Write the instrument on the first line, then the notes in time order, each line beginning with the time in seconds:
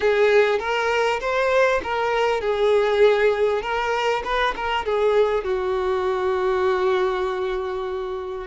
violin
0.00 G#4
0.59 A#4
1.20 C5
1.83 A#4
2.40 G#4
3.62 A#4
4.24 B4
4.56 A#4
4.85 G#4
5.44 F#4